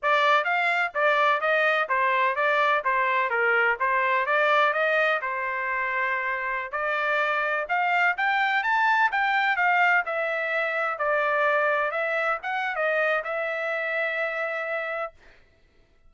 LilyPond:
\new Staff \with { instrumentName = "trumpet" } { \time 4/4 \tempo 4 = 127 d''4 f''4 d''4 dis''4 | c''4 d''4 c''4 ais'4 | c''4 d''4 dis''4 c''4~ | c''2~ c''16 d''4.~ d''16~ |
d''16 f''4 g''4 a''4 g''8.~ | g''16 f''4 e''2 d''8.~ | d''4~ d''16 e''4 fis''8. dis''4 | e''1 | }